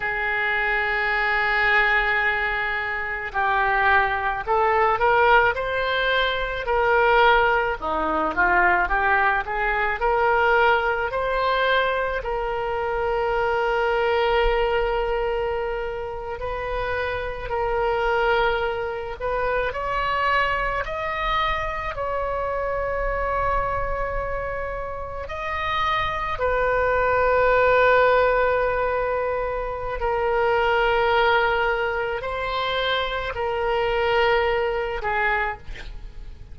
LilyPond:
\new Staff \with { instrumentName = "oboe" } { \time 4/4 \tempo 4 = 54 gis'2. g'4 | a'8 ais'8 c''4 ais'4 dis'8 f'8 | g'8 gis'8 ais'4 c''4 ais'4~ | ais'2~ ais'8. b'4 ais'16~ |
ais'4~ ais'16 b'8 cis''4 dis''4 cis''16~ | cis''2~ cis''8. dis''4 b'16~ | b'2. ais'4~ | ais'4 c''4 ais'4. gis'8 | }